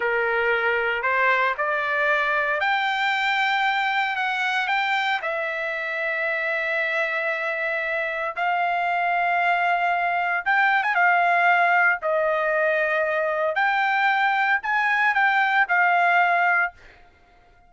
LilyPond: \new Staff \with { instrumentName = "trumpet" } { \time 4/4 \tempo 4 = 115 ais'2 c''4 d''4~ | d''4 g''2. | fis''4 g''4 e''2~ | e''1 |
f''1 | g''8. gis''16 f''2 dis''4~ | dis''2 g''2 | gis''4 g''4 f''2 | }